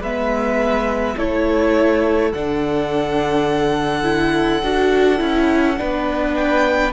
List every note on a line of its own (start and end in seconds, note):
0.00 1.15 G#3
0.00 1.19 B3
0.00 1.16 B4
0.00 1.18 E5
1.18 2.33 A3
1.18 2.34 E4
1.18 5.79 A4
1.18 2.33 C#5
2.33 4.63 D3
2.33 4.04 D4
2.33 6.35 F#5
4.04 4.61 E4
4.63 5.21 D4
4.63 5.18 F#4
5.18 5.78 C#4
5.18 5.76 E4
5.77 6.94 B3
5.77 6.93 D4
5.77 6.94 B4
6.35 6.93 G5